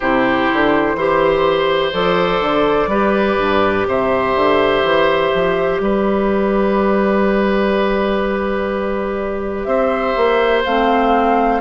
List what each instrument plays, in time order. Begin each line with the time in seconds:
0.00 bassoon C3, clarinet E4, oboe G4, flute C5
0.53 bassoon D3
0.94 bassoon E3, clarinet G4, oboe C5
1.92 bassoon F3, clarinet A4, flute D5
2.40 bassoon D3
2.86 bassoon G3, clarinet G4, oboe B4
3.39 bassoon G2
3.87 bassoon C3, oboe C5, flute E5
4.35 bassoon D3
4.82 bassoon E3
5.34 bassoon F3
5.79 bassoon G3, oboe B4, flute D5
9.64 bassoon C4, oboe C5, flute E5
10.16 bassoon A#3
10.65 bassoon A3, clarinet C4, flute F5